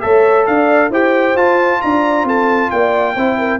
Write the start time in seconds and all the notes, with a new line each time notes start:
0.00 A3 A4 C#5 E5
0.46 D4 D5 F5
0.90 E4 G4 C5 G5
1.35 F4 A5
1.81 D4 D5 A#5
2.24 C4 A4 A5
2.70 A#3 D5 G5
3.14 C4 E4 C5
3.38 A#4